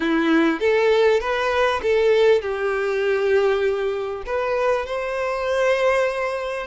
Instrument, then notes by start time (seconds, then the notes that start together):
violin
0.00 E4
0.60 A4
1.20 B4
1.82 A4
2.41 G4
4.26 B4
4.85 C5